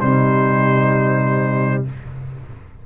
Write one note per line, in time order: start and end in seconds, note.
0.00 1.87 C3
0.00 1.86 G3
0.00 1.85 D#4
0.00 1.85 C5